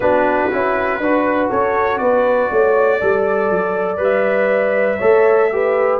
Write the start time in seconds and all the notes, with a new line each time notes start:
0.00 B3 D4 F#4 B4
0.51 C#4 E4
0.99 D4 F#4 B4
1.49 C#4 A4 C#5
1.98 B3 B4 D5
2.51 A3 C#5
2.98 G3 A4 D5
3.50 F#3
3.97 G3 B4
4.03 E5
4.97 A3 A4 C#5
5.52 G4 B4